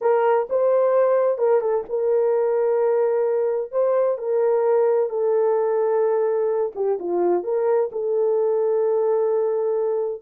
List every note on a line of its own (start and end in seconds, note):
0.01 0.48 A#4
0.49 1.37 C5
1.37 1.60 A#4
1.60 1.84 A4
1.89 3.71 A#4
3.71 4.18 C5
4.18 5.09 A#4
5.09 6.72 A4
6.75 6.98 G4
6.99 7.43 F4
7.43 7.90 A#4
7.92 10.22 A4